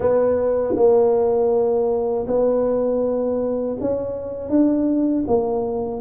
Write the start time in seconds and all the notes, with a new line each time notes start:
0.00 B3
0.76 A#3
2.27 B3
3.80 C#4
4.49 D4
5.27 A#3